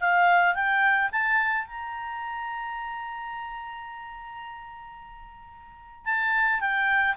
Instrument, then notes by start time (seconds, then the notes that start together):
clarinet
0.00 F5
0.55 G5
1.12 A5
1.65 A#5
6.05 A5
6.60 G5